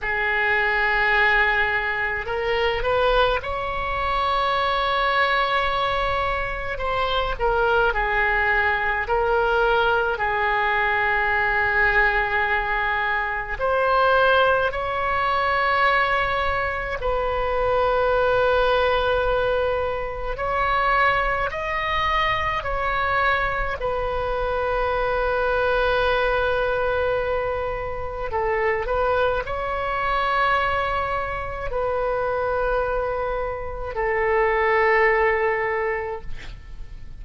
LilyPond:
\new Staff \with { instrumentName = "oboe" } { \time 4/4 \tempo 4 = 53 gis'2 ais'8 b'8 cis''4~ | cis''2 c''8 ais'8 gis'4 | ais'4 gis'2. | c''4 cis''2 b'4~ |
b'2 cis''4 dis''4 | cis''4 b'2.~ | b'4 a'8 b'8 cis''2 | b'2 a'2 | }